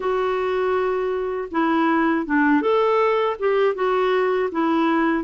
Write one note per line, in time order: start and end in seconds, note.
0.00 1.48 F#4
1.51 2.26 E4
2.26 2.61 D4
2.61 3.36 A4
3.39 3.74 G4
3.74 4.49 F#4
4.51 5.23 E4